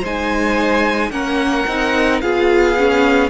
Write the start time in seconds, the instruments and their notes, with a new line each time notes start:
0.00 cello G#3, viola D#4, violin C5 G#5
1.10 cello A#3, viola C#4, violin A#4 F#5
1.67 cello C4, viola D#4
2.20 cello B3, viola F4, violin G#4 F5
2.77 viola C#4